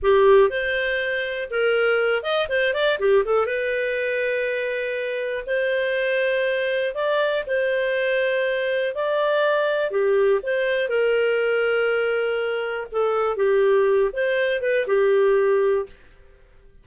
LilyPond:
\new Staff \with { instrumentName = "clarinet" } { \time 4/4 \tempo 4 = 121 g'4 c''2 ais'4~ | ais'8 dis''8 c''8 d''8 g'8 a'8 b'4~ | b'2. c''4~ | c''2 d''4 c''4~ |
c''2 d''2 | g'4 c''4 ais'2~ | ais'2 a'4 g'4~ | g'8 c''4 b'8 g'2 | }